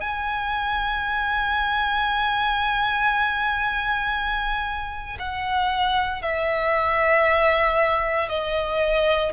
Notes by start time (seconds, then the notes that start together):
0.00 G#5
5.19 F#5
6.22 E5
8.29 D#5